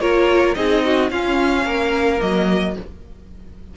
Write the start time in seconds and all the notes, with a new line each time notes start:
0.00 A#3 F4 A#4 C#5
0.54 C4 D#4 G#4 D#5
0.85 F#4
1.10 C#4 F4 F5
1.64 A#3 A#4
2.19 F#3 A#3 D#5